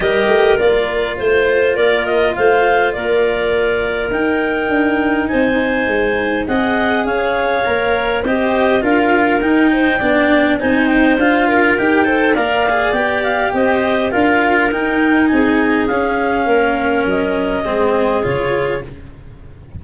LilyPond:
<<
  \new Staff \with { instrumentName = "clarinet" } { \time 4/4 \tempo 4 = 102 dis''4 d''4 c''4 d''8 dis''8 | f''4 d''2 g''4~ | g''4 gis''2 fis''4 | f''2 dis''4 f''4 |
g''2 gis''8 g''8 f''4 | g''4 f''4 g''8 f''8 dis''4 | f''4 g''4 gis''4 f''4~ | f''4 dis''2 cis''4 | }
  \new Staff \with { instrumentName = "clarinet" } { \time 4/4 ais'2 c''4 ais'4 | c''4 ais'2.~ | ais'4 c''2 dis''4 | cis''2 c''4 ais'4~ |
ais'8 c''8 d''4 c''4. ais'8~ | ais'8 c''8 d''2 c''4 | ais'2 gis'2 | ais'2 gis'2 | }
  \new Staff \with { instrumentName = "cello" } { \time 4/4 g'4 f'2.~ | f'2. dis'4~ | dis'2. gis'4~ | gis'4 ais'4 g'4 f'4 |
dis'4 d'4 dis'4 f'4 | g'8 a'8 ais'8 gis'8 g'2 | f'4 dis'2 cis'4~ | cis'2 c'4 f'4 | }
  \new Staff \with { instrumentName = "tuba" } { \time 4/4 g8 a8 ais4 a4 ais4 | a4 ais2 dis'4 | d'4 c'4 gis4 c'4 | cis'4 ais4 c'4 d'4 |
dis'4 b4 c'4 d'4 | dis'4 ais4 b4 c'4 | d'4 dis'4 c'4 cis'4 | ais4 fis4 gis4 cis4 | }
>>